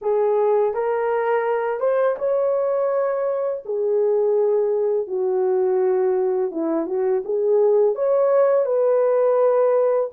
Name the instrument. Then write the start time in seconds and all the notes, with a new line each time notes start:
horn
0.01 G#4
0.74 A#4
1.79 C5
2.18 C#5
3.65 G#4
5.07 F#4
6.51 E4
6.86 F#4
7.24 G#4
7.95 C#5
8.65 B4